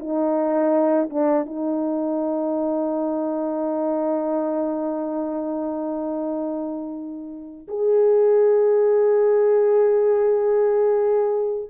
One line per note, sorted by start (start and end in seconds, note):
0.00 1.10 D#4
1.10 1.46 D4
1.46 7.68 D#4
7.68 11.71 G#4